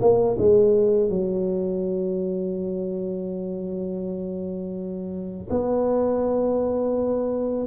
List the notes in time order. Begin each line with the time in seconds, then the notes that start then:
0.00 A#3
0.38 G#3
1.09 F#3
5.50 B3